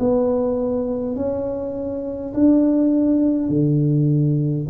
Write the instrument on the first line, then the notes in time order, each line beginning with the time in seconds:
tuba
0.00 B3
1.16 C#4
2.34 D4
3.49 D3